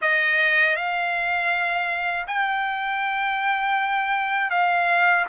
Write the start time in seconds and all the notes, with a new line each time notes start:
0.01 D#5
0.76 F5
2.27 G5
4.50 F5